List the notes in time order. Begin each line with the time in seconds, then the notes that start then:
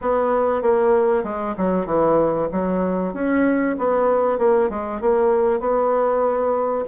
0.01 B3
0.61 A#3
1.23 G#3
1.57 F#3
1.86 E3
2.52 F#3
3.13 C#4
3.78 B3
4.38 A#3
4.69 G#3
5.01 A#3
5.59 B3